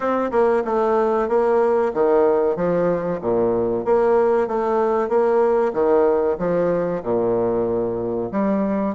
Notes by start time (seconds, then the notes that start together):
0.00 C4
0.31 A#3
0.64 A3
1.28 A#3
1.93 D#3
2.55 F3
3.21 A#2
3.85 A#3
4.47 A3
5.08 A#3
5.73 D#3
6.38 F3
7.02 A#2
8.31 G3